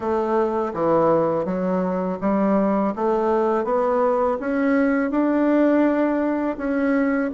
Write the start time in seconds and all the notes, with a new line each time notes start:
0.00 A3
0.73 E3
1.45 F#3
2.21 G3
2.95 A3
3.64 B3
4.40 C#4
5.10 D4
6.57 C#4